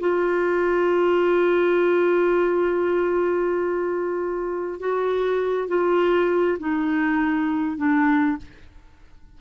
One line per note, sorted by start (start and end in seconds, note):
0.00 4.80 F4
4.80 5.68 F#4
5.68 6.58 F4
6.59 7.77 D#4
7.77 8.37 D4